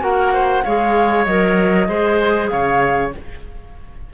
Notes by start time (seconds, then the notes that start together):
0.00 A#3 F#4 A#4 F#5
0.33 C5
0.64 G#3 G#4 C#5 F5
1.26 F#3 A#4 D#5
1.89 G#3 G#4 C5
2.49 C#3 C#5 F5